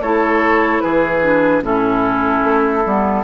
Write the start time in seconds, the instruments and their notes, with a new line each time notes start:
0.00 bassoon A3, clarinet E4, oboe A4, flute C#5
0.81 bassoon E3, oboe G#4, flute B4
1.22 clarinet D4
1.62 bassoon A2, clarinet C#4, oboe E4, flute A4
2.44 bassoon A3
2.85 bassoon G3, clarinet B3